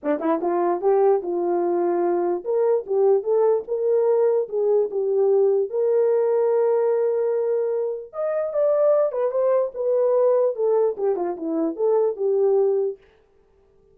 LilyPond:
\new Staff \with { instrumentName = "horn" } { \time 4/4 \tempo 4 = 148 d'8 e'8 f'4 g'4 f'4~ | f'2 ais'4 g'4 | a'4 ais'2 gis'4 | g'2 ais'2~ |
ais'1 | dis''4 d''4. b'8 c''4 | b'2 a'4 g'8 f'8 | e'4 a'4 g'2 | }